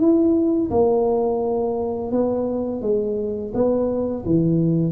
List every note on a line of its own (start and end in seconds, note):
0.00 0.71 E4
0.71 2.12 A#3
2.12 2.82 B3
2.82 3.53 G#3
3.54 4.25 B3
4.25 4.93 E3